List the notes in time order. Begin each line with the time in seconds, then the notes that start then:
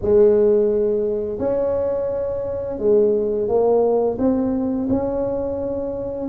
0.01 G#3
1.38 C#4
2.78 G#3
3.48 A#3
4.18 C4
4.89 C#4